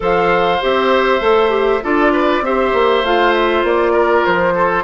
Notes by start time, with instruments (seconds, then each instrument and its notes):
0.00 bassoon F3, clarinet A4, oboe C5, flute F5
0.61 bassoon C4, clarinet G4, flute E5
1.20 bassoon A3, clarinet A4
1.49 clarinet G4
1.82 bassoon D4, clarinet F4, oboe A4, flute D5
2.12 oboe B4
2.41 bassoon C4, clarinet G4, oboe C5, flute E5
2.73 bassoon A#3
3.03 bassoon A3, clarinet F4, flute F5
3.33 flute E5
3.63 bassoon A#3, flute D5
3.92 oboe A#4
4.25 bassoon F3, flute C5
4.55 oboe A4